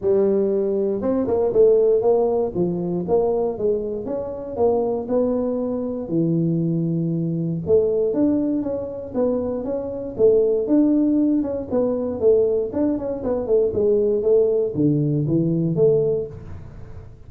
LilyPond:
\new Staff \with { instrumentName = "tuba" } { \time 4/4 \tempo 4 = 118 g2 c'8 ais8 a4 | ais4 f4 ais4 gis4 | cis'4 ais4 b2 | e2. a4 |
d'4 cis'4 b4 cis'4 | a4 d'4. cis'8 b4 | a4 d'8 cis'8 b8 a8 gis4 | a4 d4 e4 a4 | }